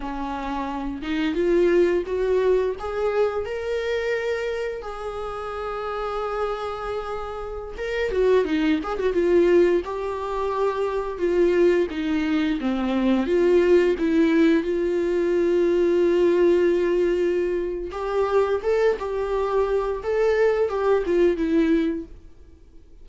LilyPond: \new Staff \with { instrumentName = "viola" } { \time 4/4 \tempo 4 = 87 cis'4. dis'8 f'4 fis'4 | gis'4 ais'2 gis'4~ | gis'2.~ gis'16 ais'8 fis'16~ | fis'16 dis'8 gis'16 fis'16 f'4 g'4.~ g'16~ |
g'16 f'4 dis'4 c'4 f'8.~ | f'16 e'4 f'2~ f'8.~ | f'2 g'4 a'8 g'8~ | g'4 a'4 g'8 f'8 e'4 | }